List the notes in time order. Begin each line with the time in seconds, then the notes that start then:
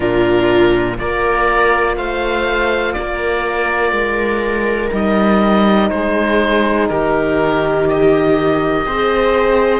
0.00 A#2 D4 F4 A#4
0.97 A#3 F4 A#4 D5
1.96 A3 C5 F5
2.93 A#3 A#4 D5
3.91 G#3
4.91 G3 D#4 D#5
5.89 G#3 G#4 C5
6.89 D#3 G4 A#4
7.88 D#5
8.85 C4 G#4 C5